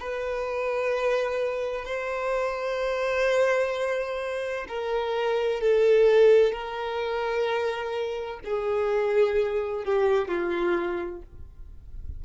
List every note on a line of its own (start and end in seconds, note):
0.00 1.85 B4
1.85 4.67 C5
4.68 5.61 A#4
5.61 6.52 A4
6.52 8.40 A#4
8.45 9.85 G#4
9.85 10.28 G4
10.28 11.22 F4